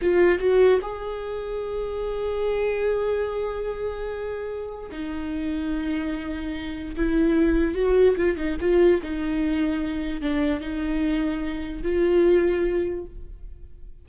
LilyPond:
\new Staff \with { instrumentName = "viola" } { \time 4/4 \tempo 4 = 147 f'4 fis'4 gis'2~ | gis'1~ | gis'1 | dis'1~ |
dis'4 e'2 fis'4 | f'8 dis'8 f'4 dis'2~ | dis'4 d'4 dis'2~ | dis'4 f'2. | }